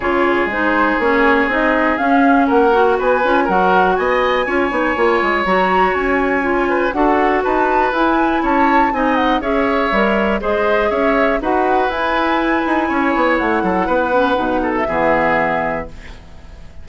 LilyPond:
<<
  \new Staff \with { instrumentName = "flute" } { \time 4/4 \tempo 4 = 121 cis''4 c''4 cis''4 dis''4 | f''4 fis''4 gis''4 fis''4 | gis''2. ais''4 | gis''2 fis''4 a''4 |
gis''4 a''4 gis''8 fis''8 e''4~ | e''4 dis''4 e''4 fis''4 | gis''2. fis''4~ | fis''4.~ fis''16 e''2~ e''16 | }
  \new Staff \with { instrumentName = "oboe" } { \time 4/4 gis'1~ | gis'4 ais'4 b'4 ais'4 | dis''4 cis''2.~ | cis''4. b'8 a'4 b'4~ |
b'4 cis''4 dis''4 cis''4~ | cis''4 c''4 cis''4 b'4~ | b'2 cis''4. a'8 | b'4. a'8 gis'2 | }
  \new Staff \with { instrumentName = "clarinet" } { \time 4/4 f'4 dis'4 cis'4 dis'4 | cis'4. fis'4 f'8 fis'4~ | fis'4 f'8 dis'8 f'4 fis'4~ | fis'4 f'4 fis'2 |
e'2 dis'4 gis'4 | ais'4 gis'2 fis'4 | e'1~ | e'8 cis'8 dis'4 b2 | }
  \new Staff \with { instrumentName = "bassoon" } { \time 4/4 cis4 gis4 ais4 c'4 | cis'4 ais4 b8 cis'8 fis4 | b4 cis'8 b8 ais8 gis8 fis4 | cis'2 d'4 dis'4 |
e'4 cis'4 c'4 cis'4 | g4 gis4 cis'4 dis'4 | e'4. dis'8 cis'8 b8 a8 fis8 | b4 b,4 e2 | }
>>